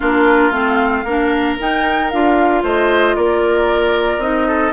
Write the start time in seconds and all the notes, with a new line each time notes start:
0.00 A#3 D4 F4 A#4
0.50 A3 C4 F5
1.04 A#3 D4 A#4
1.59 D#4 G5
2.10 D4 F4 F5
2.63 A3 C5 D#5
3.15 A#3 A#4 D5
4.18 C4 D#4 D#5
4.47 A4